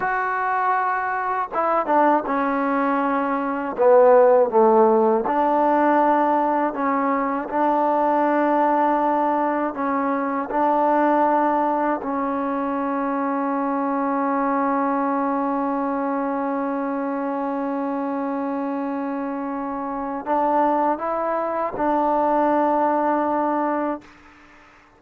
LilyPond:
\new Staff \with { instrumentName = "trombone" } { \time 4/4 \tempo 4 = 80 fis'2 e'8 d'8 cis'4~ | cis'4 b4 a4 d'4~ | d'4 cis'4 d'2~ | d'4 cis'4 d'2 |
cis'1~ | cis'1~ | cis'2. d'4 | e'4 d'2. | }